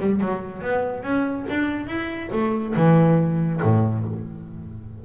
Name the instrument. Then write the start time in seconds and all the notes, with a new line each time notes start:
double bass
0.00 G3
0.21 F#3
0.62 B3
1.03 C#4
1.50 D4
1.87 E4
2.32 A3
2.76 E3
3.62 A2